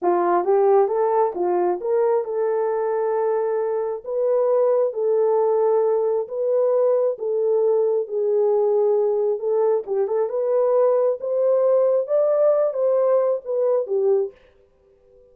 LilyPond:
\new Staff \with { instrumentName = "horn" } { \time 4/4 \tempo 4 = 134 f'4 g'4 a'4 f'4 | ais'4 a'2.~ | a'4 b'2 a'4~ | a'2 b'2 |
a'2 gis'2~ | gis'4 a'4 g'8 a'8 b'4~ | b'4 c''2 d''4~ | d''8 c''4. b'4 g'4 | }